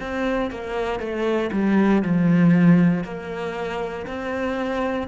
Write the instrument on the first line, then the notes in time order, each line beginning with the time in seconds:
cello
0.00 C4
0.50 A#3
0.99 A3
1.52 G3
2.02 F3
3.04 A#3
4.06 C4